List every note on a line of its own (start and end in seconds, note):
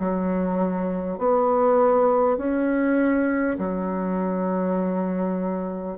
0.00 1.18 F#3
1.18 2.38 B3
2.38 3.58 C#4
3.58 5.98 F#3